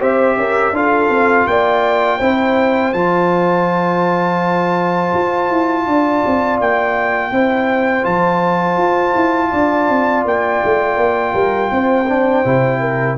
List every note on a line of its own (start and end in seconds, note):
0.00 0.37 C4
0.00 0.73 G4
0.00 0.37 C5
0.00 0.76 E5
0.37 0.72 C#4
0.37 0.75 A#4
0.72 1.09 D4
0.72 2.20 F4
0.72 1.49 A4
0.72 1.47 F5
1.10 1.46 C4
1.47 2.20 A#3
1.47 2.18 D5
1.47 2.93 G5
2.18 2.93 C4
2.18 2.94 E4
2.18 5.84 C5
2.93 5.13 F3
2.93 7.32 F4
2.93 6.59 A5
5.14 5.50 F4
5.50 5.87 E4
5.86 6.23 D4
5.86 7.33 D5
6.27 6.60 C4
6.60 7.32 A#3
6.60 8.05 G5
7.32 8.05 C4
7.32 8.03 E4
7.32 9.51 C5
8.03 8.77 F3
8.03 12.05 F4
8.03 10.25 A5
8.77 9.14 F4
9.16 9.52 E4
9.51 9.89 D4
9.51 11.34 D5
9.89 10.25 C4
10.25 10.61 A#3
10.25 13.18 G5
10.64 10.97 A3
10.97 11.34 A#3
11.34 11.70 G3
11.34 11.71 A#4
11.71 12.44 C4
11.71 12.80 C5
12.08 12.44 D4
12.44 13.18 C3
12.44 13.18 E4
12.80 13.17 A#4